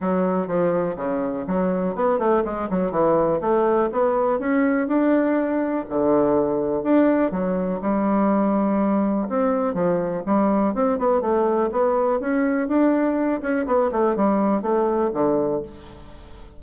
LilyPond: \new Staff \with { instrumentName = "bassoon" } { \time 4/4 \tempo 4 = 123 fis4 f4 cis4 fis4 | b8 a8 gis8 fis8 e4 a4 | b4 cis'4 d'2 | d2 d'4 fis4 |
g2. c'4 | f4 g4 c'8 b8 a4 | b4 cis'4 d'4. cis'8 | b8 a8 g4 a4 d4 | }